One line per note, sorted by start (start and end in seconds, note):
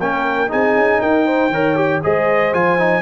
0.00 0.51 A#3
0.00 0.49 C#4
0.00 0.50 A#4
0.00 0.51 G5
0.49 0.76 C4
0.49 1.51 D#4
0.49 1.01 G#4
0.49 1.01 G#5
0.76 1.01 C#4
1.01 1.50 D#4
1.01 1.26 A#4
1.01 2.03 G5
1.26 1.52 C5
1.50 2.01 D#3
1.50 1.77 A#4
1.50 2.03 C#5
1.77 2.02 G4
2.04 2.54 G#3
2.04 2.54 G#4
2.04 3.03 C5
2.04 2.54 D#5
2.54 3.03 F3
2.54 2.79 F4
2.54 3.03 G#5
2.79 3.03 D#4